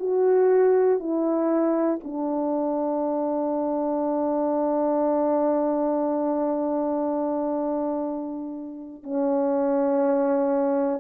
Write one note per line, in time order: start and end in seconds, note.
0.00 1.00 F#4
1.00 2.00 E4
2.04 9.04 D4
9.04 11.00 C#4